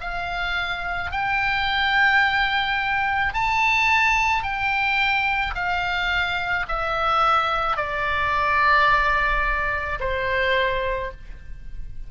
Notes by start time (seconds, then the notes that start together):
0.00 F5
1.11 G5
3.33 A5
4.43 G5
5.55 F5
6.68 E5
7.76 D5
9.99 C5